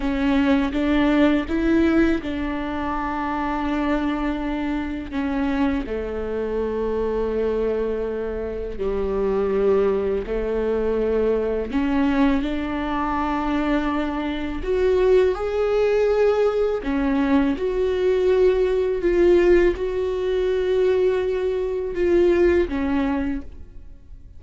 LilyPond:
\new Staff \with { instrumentName = "viola" } { \time 4/4 \tempo 4 = 82 cis'4 d'4 e'4 d'4~ | d'2. cis'4 | a1 | g2 a2 |
cis'4 d'2. | fis'4 gis'2 cis'4 | fis'2 f'4 fis'4~ | fis'2 f'4 cis'4 | }